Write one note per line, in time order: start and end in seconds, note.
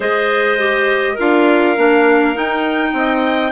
0.00 1.17 G#3
0.00 0.58 G#4
0.00 1.13 C5
0.00 1.19 D#5
0.58 1.17 G4
1.13 1.77 D4
1.13 1.76 F4
1.13 2.90 A#4
1.19 2.37 F5
1.76 2.36 A#3
1.76 2.34 D4
2.34 3.51 D#4
2.34 2.93 D#4
2.34 3.51 G5
2.93 3.51 C4
2.93 3.51 D#5